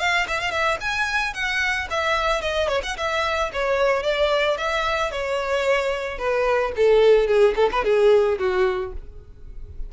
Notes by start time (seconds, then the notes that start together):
0.00 F5
0.28 E5
0.41 F5
0.51 E5
0.81 G#5
1.34 F#5
1.91 E5
2.42 D#5
2.69 C#5
2.84 F#5
2.98 E5
3.53 C#5
4.04 D5
4.58 E5
5.12 C#5
6.19 B4
6.77 A4
7.28 G#4
7.56 A4
7.72 B4
7.85 G#4
8.39 F#4